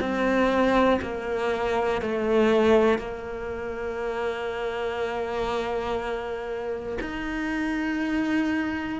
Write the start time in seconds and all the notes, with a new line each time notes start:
0.00 C4
1.01 A#3
2.01 A3
2.98 A#3
7.00 D#4